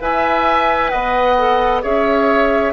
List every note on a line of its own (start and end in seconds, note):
0.00 0.92 E4
0.00 1.36 B4
0.00 0.91 E5
0.00 0.89 G#5
0.89 1.84 B3
0.89 1.82 D#5
0.89 1.80 F#5
1.38 1.83 A4
1.82 2.73 C#4
1.82 2.73 G#4
1.82 2.73 C#5
1.82 2.73 E5